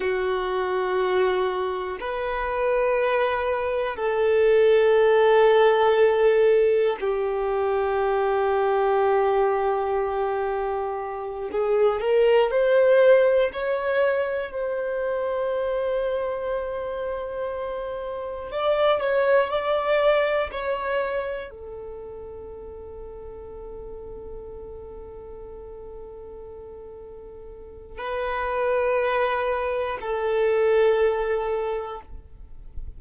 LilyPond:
\new Staff \with { instrumentName = "violin" } { \time 4/4 \tempo 4 = 60 fis'2 b'2 | a'2. g'4~ | g'2.~ g'8 gis'8 | ais'8 c''4 cis''4 c''4.~ |
c''2~ c''8 d''8 cis''8 d''8~ | d''8 cis''4 a'2~ a'8~ | a'1 | b'2 a'2 | }